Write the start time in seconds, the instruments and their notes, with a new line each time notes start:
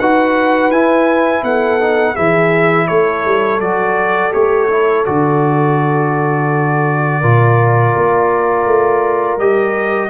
0.00 tuba D#4, trombone F#4, horn B4, trumpet F#5
0.70 tuba E4, trombone E4, trumpet G#5
1.43 tuba B3, horn A4, trumpet F#5
1.81 trombone D#4
2.14 tuba E3, trombone E4, horn G#4, trumpet E5
2.88 tuba A3, horn A4, trumpet C#5
3.26 tuba G3
3.61 tuba F#3, trombone F#4, trumpet D5
4.32 tuba A3, trombone G4, trumpet C#5
4.70 trombone E4
5.06 tuba D3, trombone F#4, trumpet D5
7.20 tuba A#2, trombone F4, horn A#4
7.97 tuba A#3
8.66 tuba A3
9.38 tuba G3, trombone G4, trumpet D#5